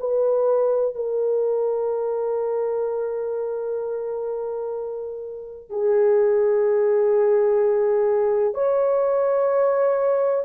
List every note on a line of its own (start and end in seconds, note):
0.00 0.95 B4
0.95 5.70 A#4
5.70 8.55 G#4
8.55 10.45 C#5